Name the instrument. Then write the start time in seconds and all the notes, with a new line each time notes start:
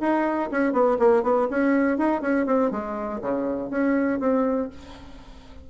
bassoon
0.00 D#4
0.51 C#4
0.72 B3
0.99 A#3
1.23 B3
1.50 C#4
1.98 D#4
2.21 C#4
2.46 C4
2.71 G#3
3.21 C#3
3.70 C#4
4.20 C4